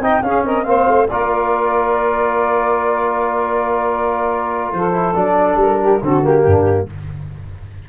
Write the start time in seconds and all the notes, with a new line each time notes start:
0.00 C4 D#4 D#5 G5
0.22 C#4 G#4 F5
0.44 C4 A#4 D#5
0.64 A#3 C4 C5 F5
0.88 A3
1.09 A#3 F4 A#4 D5
4.72 F3 A4 C5
4.93 E4
5.16 F#3 D4 D5
5.56 G3 A#4
5.81 G4
6.03 D3 C4 F#4 A4
6.23 A#3 G4
6.46 G2 D4